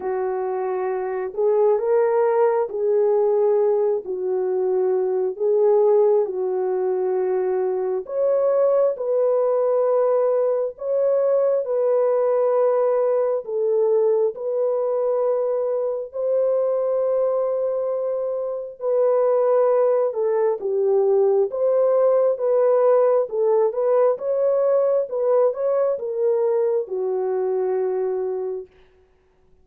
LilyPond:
\new Staff \with { instrumentName = "horn" } { \time 4/4 \tempo 4 = 67 fis'4. gis'8 ais'4 gis'4~ | gis'8 fis'4. gis'4 fis'4~ | fis'4 cis''4 b'2 | cis''4 b'2 a'4 |
b'2 c''2~ | c''4 b'4. a'8 g'4 | c''4 b'4 a'8 b'8 cis''4 | b'8 cis''8 ais'4 fis'2 | }